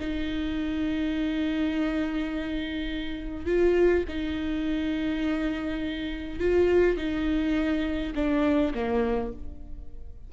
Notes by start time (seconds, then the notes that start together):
0.00 D#4
3.46 F4
4.08 D#4
6.39 F4
6.97 D#4
8.15 D4
8.74 A#3